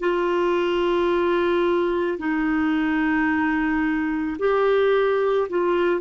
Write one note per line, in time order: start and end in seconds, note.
0.00 2.18 F4
2.19 4.37 D#4
4.39 5.48 G4
5.49 6.00 F4